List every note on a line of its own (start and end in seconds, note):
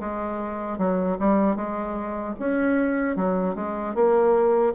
0.00 0.78 G#3
0.78 1.17 F#3
1.19 1.56 G3
1.56 2.35 G#3
2.39 3.16 C#4
3.16 3.55 F#3
3.55 3.95 G#3
3.95 4.74 A#3